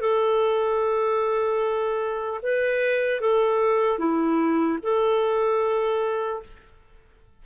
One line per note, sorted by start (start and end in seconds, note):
0.00 2.40 A4
2.42 3.20 B4
3.20 3.98 A4
3.98 4.78 E4
4.83 6.43 A4